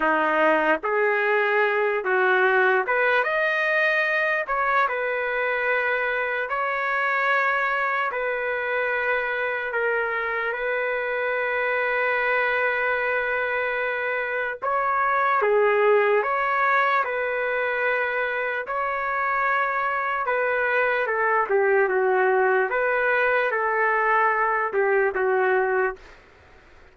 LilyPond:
\new Staff \with { instrumentName = "trumpet" } { \time 4/4 \tempo 4 = 74 dis'4 gis'4. fis'4 b'8 | dis''4. cis''8 b'2 | cis''2 b'2 | ais'4 b'2.~ |
b'2 cis''4 gis'4 | cis''4 b'2 cis''4~ | cis''4 b'4 a'8 g'8 fis'4 | b'4 a'4. g'8 fis'4 | }